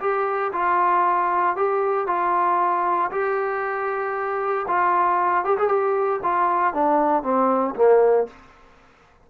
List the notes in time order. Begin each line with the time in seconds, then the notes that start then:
0.00 G4
0.53 F4
1.56 G4
2.07 F4
3.11 G4
4.68 F4
5.45 G4
5.58 G#4
5.68 G4
6.23 F4
6.74 D4
7.23 C4
7.75 A#3